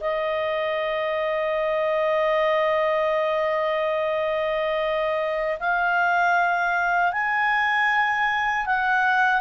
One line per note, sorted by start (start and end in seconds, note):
0.00 5.58 D#5
5.59 7.12 F5
7.12 8.65 G#5
8.65 9.41 F#5